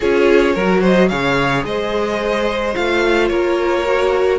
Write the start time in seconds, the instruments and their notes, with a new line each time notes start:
0.00 cello C#4, viola F4, violin G#4 C#5
0.54 cello F#3, viola F#4, violin A#4
0.80 violin C5 D#5
1.08 cello C#3, viola G#4, violin C#5 F5
1.64 cello G#3, violin C5 D#5
2.74 cello A3, viola F4, violin F5
3.28 cello A#3, violin A#4 C#5
3.84 viola F#4